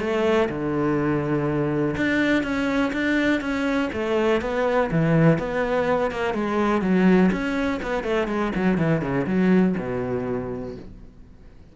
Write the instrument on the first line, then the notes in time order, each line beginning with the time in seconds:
cello
0.00 A3
0.49 D3
1.96 D4
2.43 C#4
2.93 D4
3.41 C#4
3.93 A3
4.41 B3
4.91 E3
5.38 B3
6.11 A#3
6.34 G#3
6.82 F#3
7.32 C#4
7.82 B3
8.03 A3
8.27 G#3
8.55 F#3
8.77 E3
9.01 C#3
9.27 F#3
9.78 B2